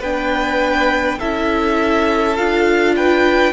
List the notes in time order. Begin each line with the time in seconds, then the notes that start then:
0.00 B3 D4 B4 G5
1.18 C#4 E4 A4 E5
2.36 D4 F4 F5
2.96 B4 G5